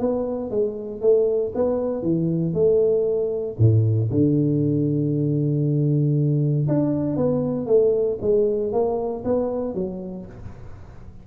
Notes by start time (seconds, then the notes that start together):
0.00 B3
0.51 G#3
1.02 A3
1.55 B3
2.03 E3
2.54 A3
3.59 A2
4.11 D3
6.68 D4
7.17 B3
7.67 A3
8.21 G#3
8.73 A#3
9.25 B3
9.75 F#3